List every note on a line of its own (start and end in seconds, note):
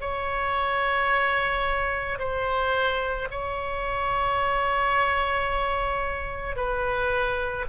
0.00 2.18 C#5
2.19 3.28 C5
3.31 6.56 C#5
6.56 7.65 B4